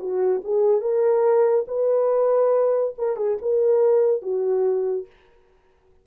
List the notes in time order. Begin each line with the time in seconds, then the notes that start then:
0.00 F#4
0.45 G#4
0.81 A#4
1.68 B4
2.98 A#4
3.17 G#4
3.42 A#4
4.23 F#4